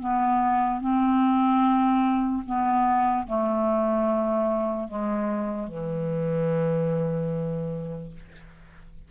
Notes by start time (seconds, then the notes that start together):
0.00 B3
0.80 C4
2.45 B3
3.27 A3
4.88 G#3
5.68 E3